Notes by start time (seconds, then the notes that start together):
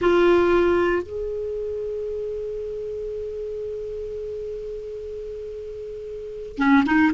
0.01 F4
1.02 G#4
6.58 C#4
6.86 D#4